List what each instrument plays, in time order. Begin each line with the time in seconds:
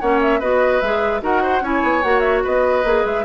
0.00 bassoon A#3, clarinet C#4, oboe C#5, flute F#5
0.21 flute E5
0.40 bassoon B3, clarinet F#4, oboe B4, flute D#5
0.81 bassoon G#3, clarinet G#4, flute E5
1.21 bassoon D#4, clarinet F#4, oboe A#4, flute F#5
1.43 oboe C5
1.62 bassoon C#4, clarinet E4, oboe C#5, flute G#5
1.83 bassoon B3
2.03 bassoon A#3, clarinet F#4, flute F#5
2.20 flute E5
2.44 bassoon B3, oboe B4, flute D#5
2.84 bassoon A#3, clarinet G#4
3.05 bassoon G#3, flute E5